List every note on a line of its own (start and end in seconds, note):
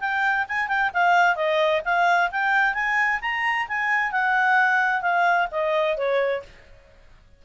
0.00 0.46 G5
0.48 0.68 G#5
0.68 0.91 G5
0.93 1.36 F5
1.36 1.81 D#5
1.84 2.30 F5
2.31 2.74 G5
2.74 3.20 G#5
3.21 3.67 A#5
3.68 4.11 G#5
4.11 5.02 F#5
5.02 5.47 F5
5.51 5.97 D#5
5.97 6.43 C#5